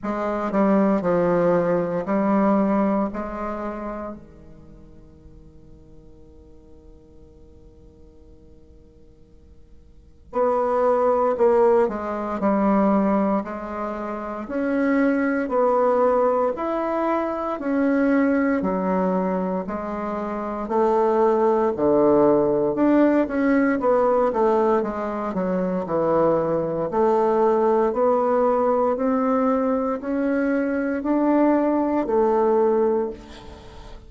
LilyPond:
\new Staff \with { instrumentName = "bassoon" } { \time 4/4 \tempo 4 = 58 gis8 g8 f4 g4 gis4 | dis1~ | dis2 b4 ais8 gis8 | g4 gis4 cis'4 b4 |
e'4 cis'4 fis4 gis4 | a4 d4 d'8 cis'8 b8 a8 | gis8 fis8 e4 a4 b4 | c'4 cis'4 d'4 a4 | }